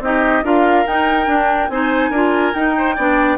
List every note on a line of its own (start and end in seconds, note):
0.00 0.42 C4
0.00 0.43 D#4
0.00 0.44 G4
0.00 0.45 D#5
0.43 0.85 D4
0.43 0.86 F4
0.43 1.71 A#4
0.43 0.87 F5
0.86 1.27 D#4
0.86 1.26 D#4
0.86 1.70 G5
1.26 1.68 D4
1.26 1.69 D4
1.69 2.10 C4
1.69 2.14 D#4
1.69 2.10 C5
1.69 2.54 G#5
2.10 2.52 D4
2.10 2.54 F4
2.10 2.74 A#4
2.54 2.96 D#4
2.54 2.97 D#4
2.54 3.38 G5
2.77 2.95 C5
2.95 3.38 B3
2.95 3.38 D4
2.95 3.37 D5